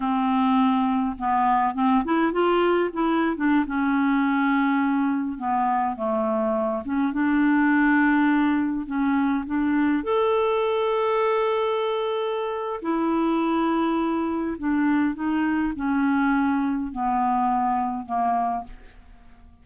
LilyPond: \new Staff \with { instrumentName = "clarinet" } { \time 4/4 \tempo 4 = 103 c'2 b4 c'8 e'8 | f'4 e'8. d'8 cis'4.~ cis'16~ | cis'4~ cis'16 b4 a4. cis'16~ | cis'16 d'2. cis'8.~ |
cis'16 d'4 a'2~ a'8.~ | a'2 e'2~ | e'4 d'4 dis'4 cis'4~ | cis'4 b2 ais4 | }